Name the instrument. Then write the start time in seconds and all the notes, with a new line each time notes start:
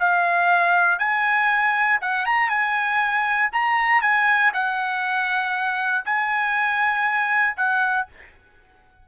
trumpet
0.00 F5
0.99 G#5
2.01 F#5
2.26 A#5
2.49 G#5
3.52 A#5
4.02 G#5
4.54 F#5
6.05 G#5
7.57 F#5